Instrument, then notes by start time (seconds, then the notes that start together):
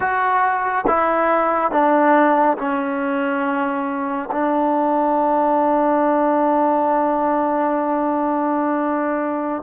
trombone
0.00 F#4
0.86 E4
1.71 D4
2.58 C#4
4.31 D4